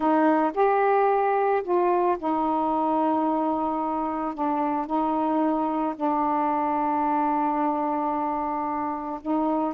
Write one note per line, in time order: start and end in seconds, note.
0.00 0.51 D#4
0.54 1.62 G4
1.63 2.17 F4
2.18 4.34 D#4
4.34 4.86 D4
4.86 5.94 D#4
5.95 9.20 D4
9.21 9.74 D#4